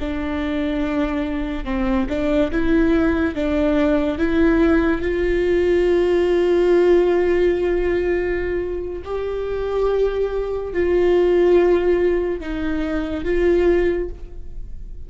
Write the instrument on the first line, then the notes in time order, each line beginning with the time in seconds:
viola
0.00 D4
1.65 C4
2.09 D4
2.52 E4
3.35 D4
4.19 E4
5.02 F4
9.05 G4
10.74 F4
12.41 D#4
13.25 F4